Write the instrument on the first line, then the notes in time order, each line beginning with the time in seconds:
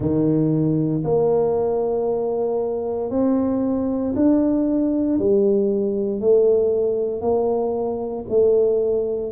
tuba
0.00 D#3
1.03 A#3
3.10 C4
4.15 D4
5.19 G3
6.20 A3
7.21 A#3
8.29 A3